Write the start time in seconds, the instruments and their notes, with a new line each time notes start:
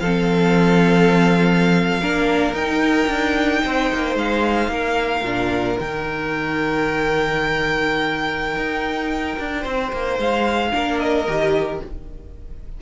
0.00 cello F3, viola C4, violin A4 F5
2.01 cello A#3, viola D4, violin A#4
2.53 cello D#4, viola D#4, violin G5
3.08 cello D4
3.64 cello C4, violin C5
3.94 cello A#3
4.15 cello G#3, violin F5
4.68 cello A#3, violin A#4
5.23 cello A#2, viola D4
5.79 cello D#3, viola D#4, violin G5
8.57 cello D#4
9.39 cello D4
9.62 cello C4, violin C5
9.93 cello A#3
10.19 cello G#3, violin F5
10.72 cello A#3, viola D4, violin A#4
10.99 violin D#5
11.27 cello D#3, viola G4